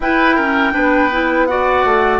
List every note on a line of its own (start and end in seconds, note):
0.00 0.73 E4
0.00 0.38 E4
0.00 0.35 B4
0.00 1.46 G5
0.35 0.72 C#4
0.35 0.72 A#4
0.72 1.84 B3
0.72 1.09 D4
0.72 1.47 B4
1.11 1.48 E4
1.46 2.19 F#4
1.46 2.19 D5
1.46 2.19 F#5
1.84 2.19 A3